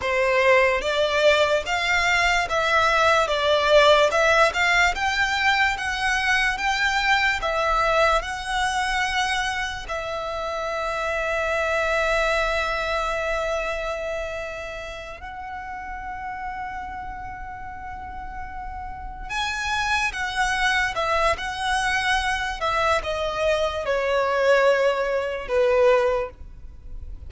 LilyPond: \new Staff \with { instrumentName = "violin" } { \time 4/4 \tempo 4 = 73 c''4 d''4 f''4 e''4 | d''4 e''8 f''8 g''4 fis''4 | g''4 e''4 fis''2 | e''1~ |
e''2~ e''8 fis''4.~ | fis''2.~ fis''8 gis''8~ | gis''8 fis''4 e''8 fis''4. e''8 | dis''4 cis''2 b'4 | }